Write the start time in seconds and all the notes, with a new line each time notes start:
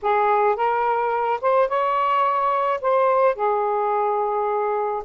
0.02 G#4
0.56 A#4
1.41 C5
1.68 C#5
2.81 C5
3.35 G#4